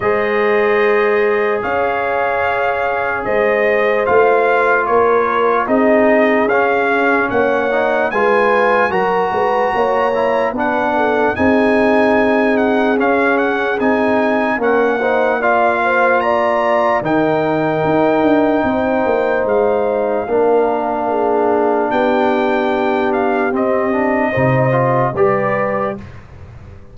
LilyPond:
<<
  \new Staff \with { instrumentName = "trumpet" } { \time 4/4 \tempo 4 = 74 dis''2 f''2 | dis''4 f''4 cis''4 dis''4 | f''4 fis''4 gis''4 ais''4~ | ais''4 fis''4 gis''4. fis''8 |
f''8 fis''8 gis''4 fis''4 f''4 | ais''4 g''2. | f''2. g''4~ | g''8 f''8 dis''2 d''4 | }
  \new Staff \with { instrumentName = "horn" } { \time 4/4 c''2 cis''2 | c''2 ais'4 gis'4~ | gis'4 cis''4 b'4 ais'8 b'8 | cis''4 b'8 a'8 gis'2~ |
gis'2 ais'8 c''8 d''8 c''8 | d''4 ais'2 c''4~ | c''4 ais'4 gis'4 g'4~ | g'2 c''4 b'4 | }
  \new Staff \with { instrumentName = "trombone" } { \time 4/4 gis'1~ | gis'4 f'2 dis'4 | cis'4. dis'8 f'4 fis'4~ | fis'8 e'8 d'4 dis'2 |
cis'4 dis'4 cis'8 dis'8 f'4~ | f'4 dis'2.~ | dis'4 d'2.~ | d'4 c'8 d'8 dis'8 f'8 g'4 | }
  \new Staff \with { instrumentName = "tuba" } { \time 4/4 gis2 cis'2 | gis4 a4 ais4 c'4 | cis'4 ais4 gis4 fis8 gis8 | ais4 b4 c'2 |
cis'4 c'4 ais2~ | ais4 dis4 dis'8 d'8 c'8 ais8 | gis4 ais2 b4~ | b4 c'4 c4 g4 | }
>>